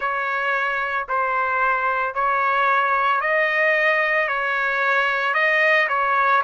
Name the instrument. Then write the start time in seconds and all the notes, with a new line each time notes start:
trumpet
0.00 C#5
1.08 C5
2.14 C#5
3.20 D#5
4.28 C#5
5.34 D#5
5.88 C#5